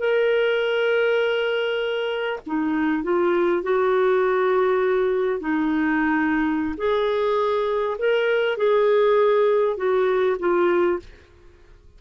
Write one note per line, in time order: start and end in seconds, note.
0.00 2.40 A#4
2.47 3.03 D#4
3.03 3.63 F4
3.63 5.40 F#4
5.40 6.75 D#4
6.77 7.97 G#4
7.99 8.57 A#4
8.57 9.77 G#4
9.77 10.37 F#4
10.40 11.00 F4